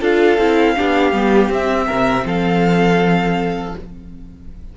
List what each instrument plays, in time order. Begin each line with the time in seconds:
0.00 cello D4, viola F4, violin A4 F5
0.37 cello C4, viola E4
0.76 cello B3, viola D4, violin G4
1.12 cello G3, viola B3
1.49 cello C4, viola C4, violin E5
1.86 cello C3, violin A#4
2.24 cello F3, violin A4 F5